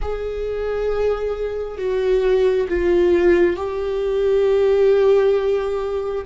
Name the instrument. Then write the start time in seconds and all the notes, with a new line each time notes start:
viola
0.01 G#4
1.77 F#4
2.68 F4
3.56 G4